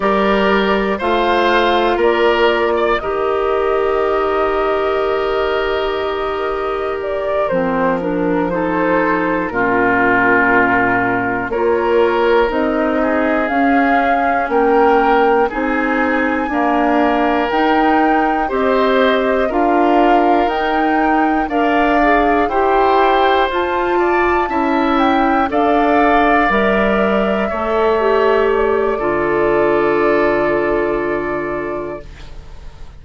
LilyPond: <<
  \new Staff \with { instrumentName = "flute" } { \time 4/4 \tempo 4 = 60 d''4 f''4 d''4 dis''4~ | dis''2. d''8 c''8 | ais'8 c''4 ais'2 cis''8~ | cis''8 dis''4 f''4 g''4 gis''8~ |
gis''4. g''4 dis''4 f''8~ | f''8 g''4 f''4 g''4 a''8~ | a''4 g''8 f''4 e''4.~ | e''8 d''2.~ d''8 | }
  \new Staff \with { instrumentName = "oboe" } { \time 4/4 ais'4 c''4 ais'8. d''16 ais'4~ | ais'1~ | ais'8 a'4 f'2 ais'8~ | ais'4 gis'4. ais'4 gis'8~ |
gis'8 ais'2 c''4 ais'8~ | ais'4. d''4 c''4. | d''8 e''4 d''2 cis''8~ | cis''4 a'2. | }
  \new Staff \with { instrumentName = "clarinet" } { \time 4/4 g'4 f'2 g'4~ | g'2.~ g'8 c'8 | d'8 dis'4 cis'2 f'8~ | f'8 dis'4 cis'2 dis'8~ |
dis'8 ais4 dis'4 g'4 f'8~ | f'8 dis'4 ais'8 gis'8 g'4 f'8~ | f'8 e'4 a'4 ais'4 a'8 | g'4 f'2. | }
  \new Staff \with { instrumentName = "bassoon" } { \time 4/4 g4 a4 ais4 dis4~ | dis2.~ dis8 f8~ | f4. ais,2 ais8~ | ais8 c'4 cis'4 ais4 c'8~ |
c'8 d'4 dis'4 c'4 d'8~ | d'8 dis'4 d'4 e'4 f'8~ | f'8 cis'4 d'4 g4 a8~ | a4 d2. | }
>>